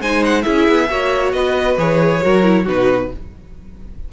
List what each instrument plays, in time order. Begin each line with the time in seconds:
0.00 cello G#3, viola D#4, violin C5 G#5
0.24 violin F#5
0.42 cello C#4, viola E4, violin G#4 E5
0.68 cello B3
0.89 cello A#3, viola F#4, violin C#5
1.32 cello B3, violin B4 D#5
1.77 cello E3, viola G#4, violin C#5
2.21 cello F#3, viola F#4, violin A#4
2.43 viola E4
2.64 cello B2, viola D#4, violin F#4 B4